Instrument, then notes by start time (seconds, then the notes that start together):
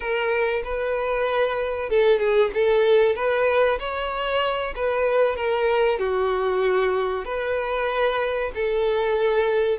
violin
0.00 A#4
0.64 B4
1.89 A4
2.19 G#4
2.53 A4
3.16 B4
3.79 C#5
4.75 B4
5.36 A#4
5.99 F#4
7.25 B4
8.54 A4